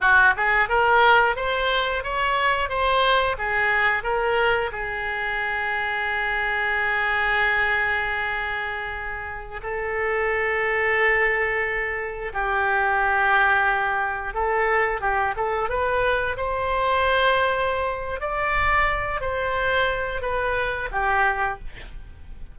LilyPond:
\new Staff \with { instrumentName = "oboe" } { \time 4/4 \tempo 4 = 89 fis'8 gis'8 ais'4 c''4 cis''4 | c''4 gis'4 ais'4 gis'4~ | gis'1~ | gis'2~ gis'16 a'4.~ a'16~ |
a'2~ a'16 g'4.~ g'16~ | g'4~ g'16 a'4 g'8 a'8 b'8.~ | b'16 c''2~ c''8. d''4~ | d''8 c''4. b'4 g'4 | }